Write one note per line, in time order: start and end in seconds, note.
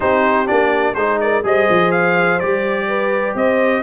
0.00 0.50 C4
0.00 0.46 D#4
0.00 0.96 G4
0.00 0.47 C5
0.46 0.95 A#3
0.46 0.94 D4
0.46 0.94 D5
0.94 1.43 G#3
0.94 1.43 D#4
0.94 1.21 G#4
0.94 1.18 C5
1.20 1.46 A#4
1.20 1.44 D5
1.43 1.67 G3
1.43 2.39 G#4
1.43 2.88 C5
1.43 1.91 D#5
1.69 2.41 F3
1.91 2.39 F5
2.39 3.35 G3
2.39 3.82 G4
2.39 3.35 D5
2.88 3.35 B4
3.35 3.82 C4
3.35 3.82 C5
3.35 3.82 D#5